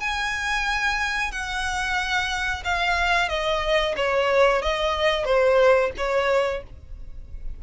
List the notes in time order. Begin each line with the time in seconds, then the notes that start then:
0.00 G#5
1.31 F#5
2.64 F5
3.29 D#5
3.96 C#5
4.62 D#5
5.25 C5
5.97 C#5